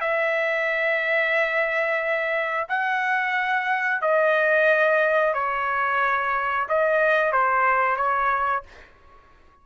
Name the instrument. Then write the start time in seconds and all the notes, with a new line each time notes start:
trumpet
0.00 E5
2.68 F#5
4.01 D#5
5.34 C#5
6.68 D#5
7.32 C5
7.96 C#5